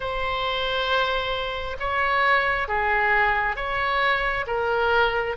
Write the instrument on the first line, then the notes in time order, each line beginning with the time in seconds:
oboe
0.00 C5
1.79 C#5
2.68 G#4
3.56 C#5
4.47 A#4